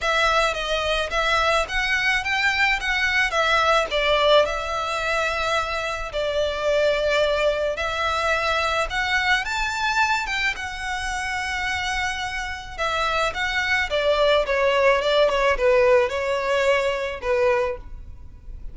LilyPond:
\new Staff \with { instrumentName = "violin" } { \time 4/4 \tempo 4 = 108 e''4 dis''4 e''4 fis''4 | g''4 fis''4 e''4 d''4 | e''2. d''4~ | d''2 e''2 |
fis''4 a''4. g''8 fis''4~ | fis''2. e''4 | fis''4 d''4 cis''4 d''8 cis''8 | b'4 cis''2 b'4 | }